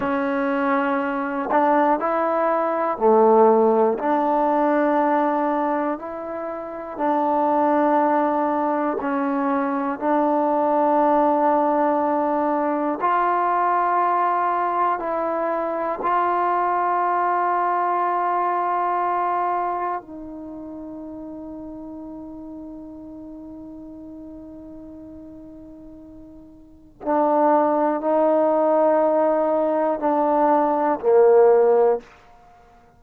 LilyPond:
\new Staff \with { instrumentName = "trombone" } { \time 4/4 \tempo 4 = 60 cis'4. d'8 e'4 a4 | d'2 e'4 d'4~ | d'4 cis'4 d'2~ | d'4 f'2 e'4 |
f'1 | dis'1~ | dis'2. d'4 | dis'2 d'4 ais4 | }